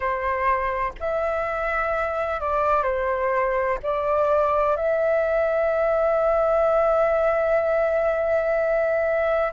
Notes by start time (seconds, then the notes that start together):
0.00 C5
1.00 E5
2.40 D5
2.83 C5
3.82 D5
4.76 E5